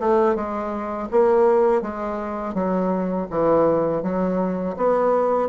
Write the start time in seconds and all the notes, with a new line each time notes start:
0.00 A3
0.35 G#3
1.11 A#3
1.82 G#3
2.54 F#3
3.30 E3
4.02 F#3
4.76 B3